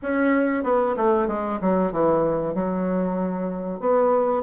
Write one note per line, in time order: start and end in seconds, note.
0.02 0.63 C#4
0.63 0.95 B3
0.96 1.27 A3
1.27 1.59 G#3
1.61 1.91 F#3
1.91 2.54 E3
2.54 3.80 F#3
3.80 4.42 B3